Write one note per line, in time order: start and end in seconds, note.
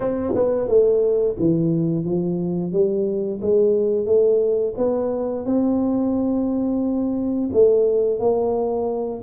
0.00 0.33 C4
0.35 0.68 B3
0.68 1.36 A3
1.39 2.05 E3
2.05 2.72 F3
2.72 3.40 G3
3.41 4.06 G#3
4.06 4.74 A3
4.77 5.45 B3
5.45 7.50 C4
7.52 8.19 A3
8.19 9.21 A#3